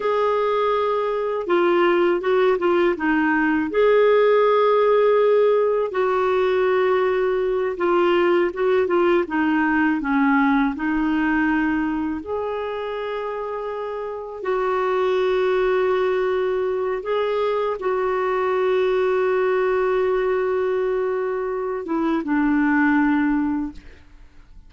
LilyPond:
\new Staff \with { instrumentName = "clarinet" } { \time 4/4 \tempo 4 = 81 gis'2 f'4 fis'8 f'8 | dis'4 gis'2. | fis'2~ fis'8 f'4 fis'8 | f'8 dis'4 cis'4 dis'4.~ |
dis'8 gis'2. fis'8~ | fis'2. gis'4 | fis'1~ | fis'4. e'8 d'2 | }